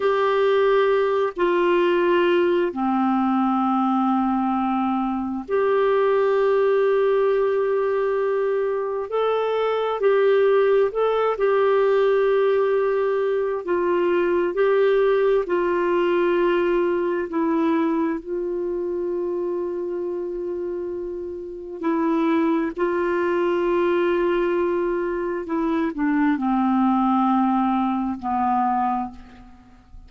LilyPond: \new Staff \with { instrumentName = "clarinet" } { \time 4/4 \tempo 4 = 66 g'4. f'4. c'4~ | c'2 g'2~ | g'2 a'4 g'4 | a'8 g'2~ g'8 f'4 |
g'4 f'2 e'4 | f'1 | e'4 f'2. | e'8 d'8 c'2 b4 | }